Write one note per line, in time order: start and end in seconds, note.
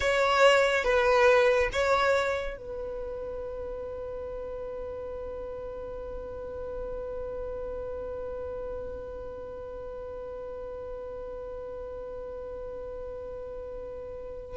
0.00 0.84 C#5
0.84 1.69 B4
1.72 2.57 C#5
2.57 14.57 B4